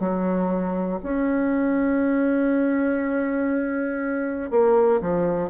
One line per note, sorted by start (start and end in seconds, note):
0.00 1.00 F#3
1.04 4.51 C#4
4.51 5.01 A#3
5.01 5.50 F3